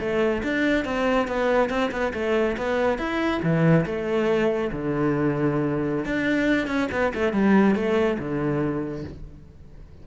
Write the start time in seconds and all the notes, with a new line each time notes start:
0.00 A3
0.44 D4
0.85 C4
1.28 B3
1.70 C4
1.91 B3
2.14 A3
2.57 B3
2.98 E4
3.43 E3
3.86 A3
4.72 D3
6.05 D4
6.68 C#4
6.92 B3
7.15 A3
7.33 G3
7.75 A3
8.19 D3